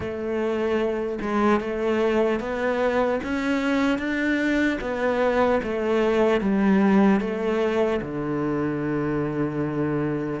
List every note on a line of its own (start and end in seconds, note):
0.00 1.18 A3
1.21 1.60 G#3
1.60 2.40 A3
2.40 3.20 B3
3.23 3.98 C#4
3.98 4.78 D4
4.80 5.60 B3
5.63 6.40 A3
6.40 7.20 G3
7.20 8.00 A3
8.01 10.40 D3